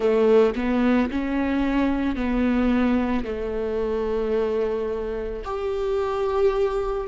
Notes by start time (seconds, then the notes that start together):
0.00 A3
0.55 B3
1.11 C#4
2.15 B3
3.24 A3
5.44 G4